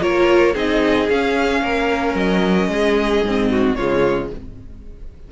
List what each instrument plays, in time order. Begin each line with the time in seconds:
0.00 cello A#3, viola F4, violin A#4 C#5
0.54 cello C4, viola D#4, violin G#4 D#5
1.09 cello C#4, viola C#4, violin F5
1.62 cello A#3, violin A#4
2.15 cello F#3, violin D#5
2.68 cello G#3, violin G#4
3.23 cello G#2, viola C4
3.51 violin F#4
3.75 cello C#3, viola G#3, violin F4 C#5